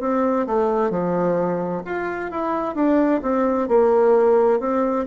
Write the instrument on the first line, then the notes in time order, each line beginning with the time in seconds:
bassoon
0.00 C4
0.47 A3
0.90 F3
1.85 F4
2.31 E4
2.75 D4
3.22 C4
3.68 A#3
4.59 C4